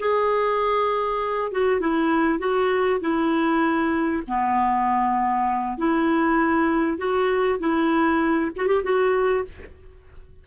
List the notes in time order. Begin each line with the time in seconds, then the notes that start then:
0.00 G#4
1.53 F#4
1.81 E4
2.39 F#4
3.01 E4
4.28 B3
5.78 E4
6.98 F#4
7.60 E4
8.57 F#4
8.68 G4
8.84 F#4